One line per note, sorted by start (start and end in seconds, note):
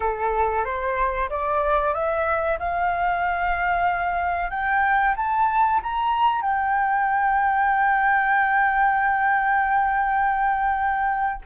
0.00 0.64 A4
0.64 1.29 C5
1.29 1.94 D5
1.94 2.58 E5
2.59 4.50 F5
4.50 5.14 G5
5.16 5.81 A5
5.82 6.41 A#5
6.41 11.41 G5